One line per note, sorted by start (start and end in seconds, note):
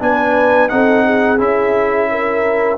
0.00 0.70 B3
0.00 0.69 D4
0.00 0.72 B4
0.00 0.68 G#5
0.68 1.39 C4
0.68 1.38 D#4
0.68 1.05 A4
0.68 1.38 F#5
1.05 2.09 G#4
1.38 2.78 C#4
1.38 2.78 E4
1.38 2.78 E5
2.11 2.78 A#4